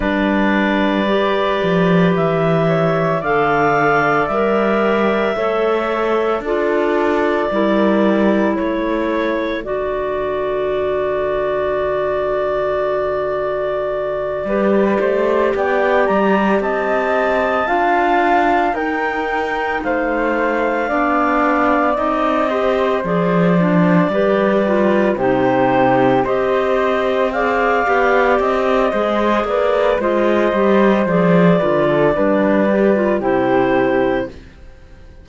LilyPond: <<
  \new Staff \with { instrumentName = "clarinet" } { \time 4/4 \tempo 4 = 56 d''2 e''4 f''4 | e''2 d''2 | cis''4 d''2.~ | d''2~ d''8 g''8 ais''8 a''8~ |
a''4. g''4 f''4.~ | f''8 dis''4 d''2 c''8~ | c''8 dis''4 f''4 dis''4 d''8 | dis''4 d''2 c''4 | }
  \new Staff \with { instrumentName = "flute" } { \time 4/4 b'2~ b'8 cis''8 d''4~ | d''4 cis''4 a'4 ais'4 | a'1~ | a'4. b'8 c''8 d''4 dis''8~ |
dis''8 f''4 ais'4 c''4 d''8~ | d''4 c''4. b'4 g'8~ | g'8 c''4 d''4. c''8 b'8 | c''4. b'16 a'16 b'4 g'4 | }
  \new Staff \with { instrumentName = "clarinet" } { \time 4/4 d'4 g'2 a'4 | ais'4 a'4 f'4 e'4~ | e'4 fis'2.~ | fis'4. g'2~ g'8~ |
g'8 f'4 dis'2 d'8~ | d'8 dis'8 g'8 gis'8 d'8 g'8 f'8 dis'8~ | dis'8 g'4 gis'8 g'4 gis'4 | f'8 g'8 gis'8 f'8 d'8 g'16 f'16 e'4 | }
  \new Staff \with { instrumentName = "cello" } { \time 4/4 g4. f8 e4 d4 | g4 a4 d'4 g4 | a4 d2.~ | d4. g8 a8 b8 g8 c'8~ |
c'8 d'4 dis'4 a4 b8~ | b8 c'4 f4 g4 c8~ | c8 c'4. b8 c'8 gis8 ais8 | gis8 g8 f8 d8 g4 c4 | }
>>